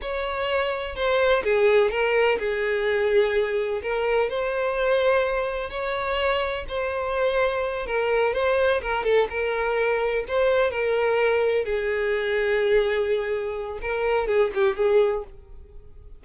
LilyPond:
\new Staff \with { instrumentName = "violin" } { \time 4/4 \tempo 4 = 126 cis''2 c''4 gis'4 | ais'4 gis'2. | ais'4 c''2. | cis''2 c''2~ |
c''8 ais'4 c''4 ais'8 a'8 ais'8~ | ais'4. c''4 ais'4.~ | ais'8 gis'2.~ gis'8~ | gis'4 ais'4 gis'8 g'8 gis'4 | }